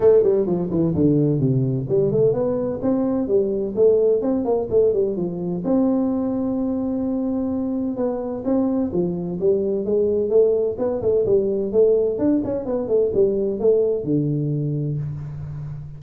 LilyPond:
\new Staff \with { instrumentName = "tuba" } { \time 4/4 \tempo 4 = 128 a8 g8 f8 e8 d4 c4 | g8 a8 b4 c'4 g4 | a4 c'8 ais8 a8 g8 f4 | c'1~ |
c'4 b4 c'4 f4 | g4 gis4 a4 b8 a8 | g4 a4 d'8 cis'8 b8 a8 | g4 a4 d2 | }